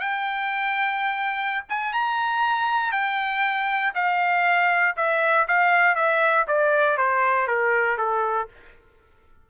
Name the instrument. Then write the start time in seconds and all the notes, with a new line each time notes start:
trumpet
0.00 G5
1.69 G#5
1.93 A#5
2.92 G5
3.94 F5
4.97 E5
5.48 F5
5.95 E5
6.47 D5
6.98 C5
7.48 A#4
7.98 A4